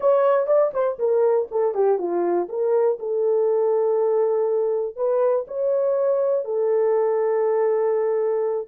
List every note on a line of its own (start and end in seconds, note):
0.00 0.46 C#5
0.46 0.71 D5
0.73 0.98 C5
0.98 1.48 A#4
1.51 1.74 A4
1.74 1.98 G4
1.98 2.48 F4
2.48 2.98 A#4
2.99 4.95 A4
4.95 5.45 B4
5.47 6.44 C#5
6.44 8.68 A4